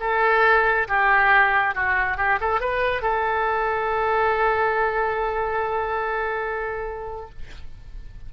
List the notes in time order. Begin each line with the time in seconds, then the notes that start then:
0.00 A4
0.88 G4
1.75 F#4
2.17 G4
2.40 A4
2.60 B4
3.02 A4